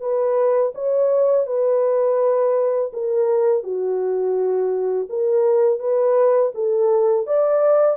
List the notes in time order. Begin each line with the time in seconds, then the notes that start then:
0.00 B4
0.75 C#5
1.47 B4
2.93 A#4
3.63 F#4
5.09 A#4
5.79 B4
6.55 A4
7.27 D5